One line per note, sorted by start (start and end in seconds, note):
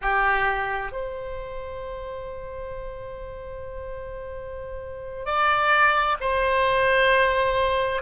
0.01 0.92 G4
0.92 5.25 C5
5.25 6.17 D5
6.20 8.02 C5